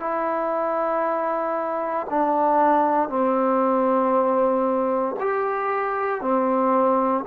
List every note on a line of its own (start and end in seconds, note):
0.00 2.07 E4
2.10 3.09 D4
3.09 5.16 C4
5.20 6.22 G4
6.22 7.25 C4